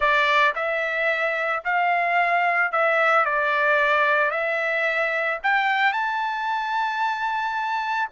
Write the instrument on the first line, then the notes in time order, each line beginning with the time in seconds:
trumpet
0.00 D5
0.55 E5
1.64 F5
2.72 E5
3.25 D5
4.30 E5
5.43 G5
5.93 A5